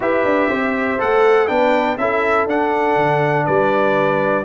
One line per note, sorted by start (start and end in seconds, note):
0.00 0.24 E4
0.00 0.98 G4
0.00 0.49 B4
0.00 1.00 E5
0.24 0.49 D4
0.49 1.00 C4
0.49 1.48 C5
0.98 1.49 A3
0.98 1.47 A4
0.98 1.47 F#5
1.47 1.97 B3
1.47 1.97 D4
1.47 1.97 B4
1.47 1.97 G5
1.97 2.46 C#4
1.97 2.48 E4
1.97 3.45 A4
1.97 2.47 E5
2.46 2.96 D4
2.46 4.45 D4
2.46 3.45 F#5
2.96 3.45 D3
3.45 4.45 G3
3.45 4.44 B4
3.45 4.45 D5